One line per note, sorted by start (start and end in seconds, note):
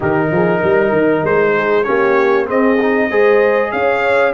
0.00 0.31 D#3
0.00 1.84 D#4
0.00 0.30 G4
0.00 1.25 A#4
0.31 0.62 F3
0.31 0.59 G#4
0.59 0.91 G3
0.59 1.52 A#4
0.91 1.22 D#3
1.24 1.86 G#3
1.24 1.83 C5
1.55 1.85 G#4
1.83 2.49 A#3
1.83 2.45 C#4
1.83 2.46 G4
1.83 2.45 C#5
2.45 2.76 C4
2.45 3.10 C4
2.45 3.08 G#4
2.45 3.71 D#5
2.81 3.10 D#4
3.09 3.72 G#3
3.09 4.33 G#4
3.09 3.71 C5
3.71 4.33 C#4
3.71 4.33 C#5
3.71 4.33 F5